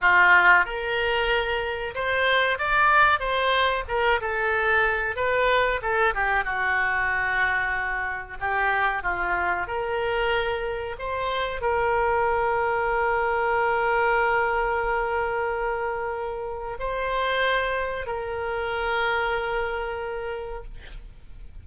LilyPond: \new Staff \with { instrumentName = "oboe" } { \time 4/4 \tempo 4 = 93 f'4 ais'2 c''4 | d''4 c''4 ais'8 a'4. | b'4 a'8 g'8 fis'2~ | fis'4 g'4 f'4 ais'4~ |
ais'4 c''4 ais'2~ | ais'1~ | ais'2 c''2 | ais'1 | }